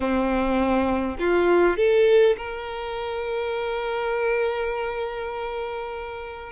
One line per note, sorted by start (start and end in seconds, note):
0.00 1.17 C4
1.19 1.77 F4
1.77 2.36 A4
2.37 6.52 A#4